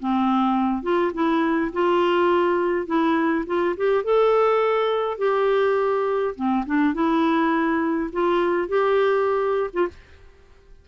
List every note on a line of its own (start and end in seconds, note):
0.00 0.83 C4
0.83 1.13 F4
1.14 1.72 E4
1.73 2.87 F4
2.87 3.45 E4
3.47 3.76 F4
3.77 4.04 G4
4.04 5.18 A4
5.18 6.35 G4
6.36 6.65 C4
6.66 6.94 D4
6.94 8.11 E4
8.13 8.69 F4
8.69 9.71 G4
9.74 9.88 F4